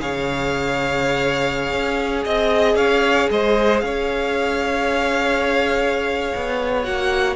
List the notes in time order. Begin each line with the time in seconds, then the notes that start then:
0.00 C#3 G#4 C#5 F5
1.73 C#4
2.25 C4 D#5
2.76 C#4 C#5 F5
3.31 G#3 C5 D#5
3.80 C#4 C#5 F5
6.36 B3
6.84 A#3 F#4 F#5